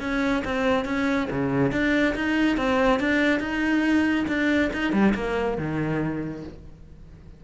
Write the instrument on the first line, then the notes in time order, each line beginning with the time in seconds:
cello
0.00 C#4
0.44 C4
0.85 C#4
1.31 C#3
1.72 D4
2.15 D#4
2.57 C4
3.00 D4
3.40 D#4
4.28 D4
4.73 D#4
4.92 G3
5.15 A#3
5.58 D#3